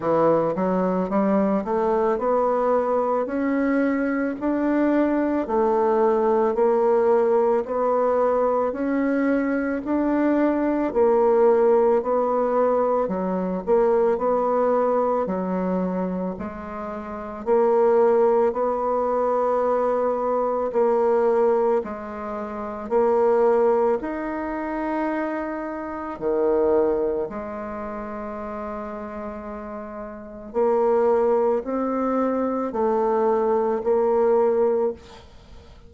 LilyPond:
\new Staff \with { instrumentName = "bassoon" } { \time 4/4 \tempo 4 = 55 e8 fis8 g8 a8 b4 cis'4 | d'4 a4 ais4 b4 | cis'4 d'4 ais4 b4 | fis8 ais8 b4 fis4 gis4 |
ais4 b2 ais4 | gis4 ais4 dis'2 | dis4 gis2. | ais4 c'4 a4 ais4 | }